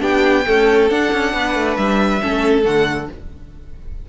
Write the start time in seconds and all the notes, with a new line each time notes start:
0.00 B3 D4 G4 G5
0.46 A3 C#4 A4
0.90 D4 F#5
1.13 C#4
1.33 B3 B4
1.55 A3
1.76 G3 E5
2.21 A3 C#4 A4
2.63 D3 A3 F#5